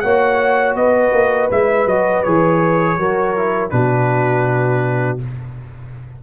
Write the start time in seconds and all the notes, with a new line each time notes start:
0.00 A#3 F#4 C#5 F#5
0.75 B3 B4 D#5
1.12 A#3
1.51 G#3 E4 E5
1.85 F#3 F#4 D#5
2.23 E3 G#4 C#5
2.97 F#3 F#4 A#4
3.36 E4
3.70 B2 D4 F#4 B4